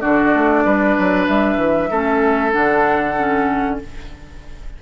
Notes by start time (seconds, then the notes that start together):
0.00 D3 D4 F#4 D5
0.34 A3
0.65 G3 B4
0.99 F#3
1.27 G3 E5
1.57 E3
1.90 A3 C#4 A4
2.51 D3 D4 F#5
3.18 C#4